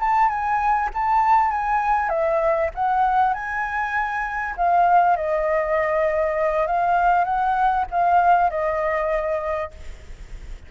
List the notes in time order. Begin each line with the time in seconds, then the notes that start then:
0.00 A5
0.29 G#5
0.94 A5
1.50 G#5
2.09 E5
2.75 F#5
3.33 G#5
4.56 F5
5.16 D#5
6.67 F5
7.24 F#5
7.91 F5
8.50 D#5